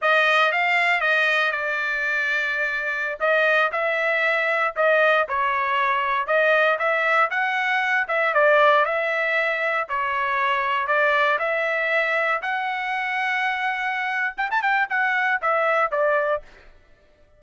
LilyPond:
\new Staff \with { instrumentName = "trumpet" } { \time 4/4 \tempo 4 = 117 dis''4 f''4 dis''4 d''4~ | d''2~ d''16 dis''4 e''8.~ | e''4~ e''16 dis''4 cis''4.~ cis''16~ | cis''16 dis''4 e''4 fis''4. e''16~ |
e''16 d''4 e''2 cis''8.~ | cis''4~ cis''16 d''4 e''4.~ e''16~ | e''16 fis''2.~ fis''8. | g''16 a''16 g''8 fis''4 e''4 d''4 | }